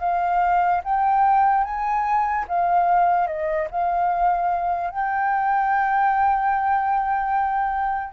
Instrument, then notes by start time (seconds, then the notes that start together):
flute
0.00 F5
0.84 G5
1.64 G#5
2.48 F5
3.27 D#5
3.71 F5
4.91 G5